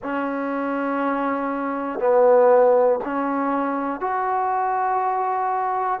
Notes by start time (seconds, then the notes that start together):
0.02 C#4
2.00 B3
3.04 C#4
4.00 F#4